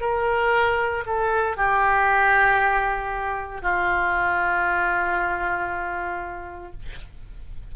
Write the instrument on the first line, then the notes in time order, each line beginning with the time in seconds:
oboe
0.00 A#4
1.05 A4
1.56 G4
3.62 F4